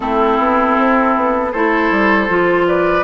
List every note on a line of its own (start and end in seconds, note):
0.00 0.38 A3
0.00 1.51 C4
0.00 1.51 E4
0.00 1.51 A4
0.38 0.76 B3
0.78 1.16 C4
1.16 1.53 B3
1.51 1.91 A3
1.51 2.28 E4
1.51 2.65 A4
1.51 2.66 C5
1.91 2.28 G3
2.28 3.03 F3
2.28 3.03 F4
2.67 3.03 B4
2.67 3.03 D5